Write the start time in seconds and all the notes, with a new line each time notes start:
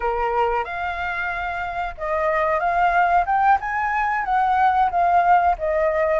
0.00 A#4
0.64 F5
1.97 D#5
2.59 F5
3.25 G5
3.60 G#5
4.24 F#5
4.90 F5
5.58 D#5